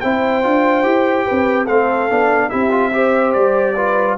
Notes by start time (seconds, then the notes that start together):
0.00 C4 E4 C5 G5
0.43 D4 F4
0.83 E4 G4
1.26 C4 B4
1.65 A3 C4 A4 F5
2.10 B3 D4
2.50 C4 E4 G4 E5
2.71 F4
2.92 G4 C5
3.33 G3 D5
3.76 F4 B4